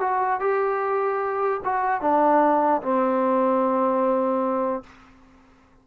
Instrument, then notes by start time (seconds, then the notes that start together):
trombone
0.00 F#4
0.40 G4
1.65 F#4
2.01 D4
2.82 C4